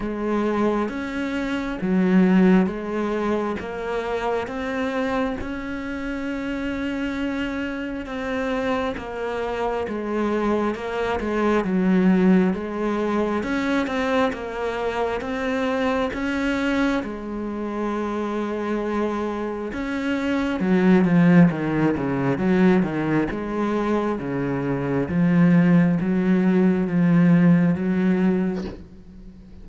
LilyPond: \new Staff \with { instrumentName = "cello" } { \time 4/4 \tempo 4 = 67 gis4 cis'4 fis4 gis4 | ais4 c'4 cis'2~ | cis'4 c'4 ais4 gis4 | ais8 gis8 fis4 gis4 cis'8 c'8 |
ais4 c'4 cis'4 gis4~ | gis2 cis'4 fis8 f8 | dis8 cis8 fis8 dis8 gis4 cis4 | f4 fis4 f4 fis4 | }